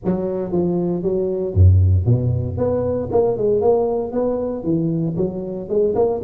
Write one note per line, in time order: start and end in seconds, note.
0.04 0.52 F#3
0.52 1.02 F3
1.02 1.54 F#3
1.54 2.05 F#2
2.05 2.57 B2
2.57 3.09 B3
3.11 3.37 A#3
3.37 3.61 G#3
3.61 4.12 A#3
4.12 4.63 B3
4.63 5.15 E3
5.17 5.68 F#3
5.68 5.94 G#3
5.95 6.21 A#3